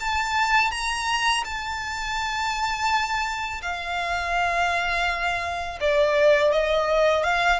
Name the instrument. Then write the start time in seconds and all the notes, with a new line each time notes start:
violin
0.00 A5
0.71 A#5
1.45 A5
3.62 F5
5.81 D5
6.52 D#5
7.24 F5